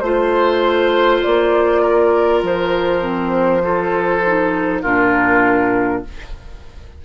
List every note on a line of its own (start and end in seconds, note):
0.00 1.21 A3
0.00 3.01 F4
0.00 1.20 C5
0.00 1.82 C5
1.23 2.43 A#3
1.23 2.43 D5
1.82 3.62 A#4
2.43 4.83 F3
2.43 4.83 C5
3.01 3.61 C4
3.62 4.21 F4
3.62 4.82 A4
4.26 4.84 D#4
4.82 6.04 A#2
4.82 6.04 D4
4.82 6.02 F4
4.82 6.03 A#4